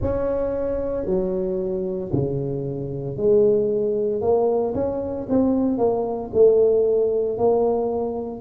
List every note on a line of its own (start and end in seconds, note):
0.01 1.05 C#4
1.05 2.11 F#3
2.12 3.16 C#3
3.16 4.21 G#3
4.21 4.74 A#3
4.74 5.27 C#4
5.29 5.78 C4
5.78 6.30 A#3
6.33 7.37 A3
7.37 8.40 A#3